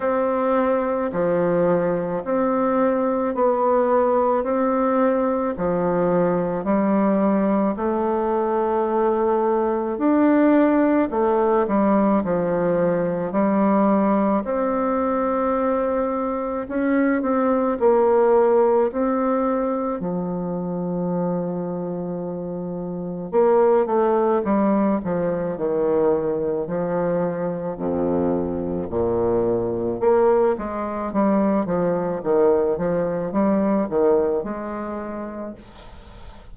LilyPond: \new Staff \with { instrumentName = "bassoon" } { \time 4/4 \tempo 4 = 54 c'4 f4 c'4 b4 | c'4 f4 g4 a4~ | a4 d'4 a8 g8 f4 | g4 c'2 cis'8 c'8 |
ais4 c'4 f2~ | f4 ais8 a8 g8 f8 dis4 | f4 f,4 ais,4 ais8 gis8 | g8 f8 dis8 f8 g8 dis8 gis4 | }